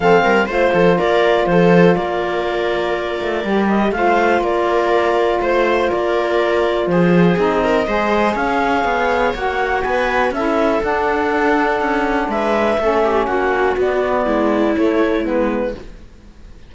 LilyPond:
<<
  \new Staff \with { instrumentName = "clarinet" } { \time 4/4 \tempo 4 = 122 f''4 c''4 d''4 c''4 | d''2.~ d''8 dis''8 | f''4 d''2 c''4 | d''2 c''4 dis''4~ |
dis''4 f''2 fis''4 | gis''4 e''4 fis''2~ | fis''4 e''2 fis''4 | d''2 cis''4 b'4 | }
  \new Staff \with { instrumentName = "viola" } { \time 4/4 a'8 ais'8 c''8 a'8 ais'4 a'4 | ais'1 | c''4 ais'2 c''4 | ais'2 gis'4. ais'8 |
c''4 cis''2. | b'4 a'2.~ | a'4 b'4 a'8 g'8 fis'4~ | fis'4 e'2. | }
  \new Staff \with { instrumentName = "saxophone" } { \time 4/4 c'4 f'2.~ | f'2. g'4 | f'1~ | f'2. dis'4 |
gis'2. fis'4~ | fis'4 e'4 d'2~ | d'2 cis'2 | b2 a4 b4 | }
  \new Staff \with { instrumentName = "cello" } { \time 4/4 f8 g8 a8 f8 ais4 f4 | ais2~ ais8 a8 g4 | a4 ais2 a4 | ais2 f4 c'4 |
gis4 cis'4 b4 ais4 | b4 cis'4 d'2 | cis'4 gis4 a4 ais4 | b4 gis4 a4 gis4 | }
>>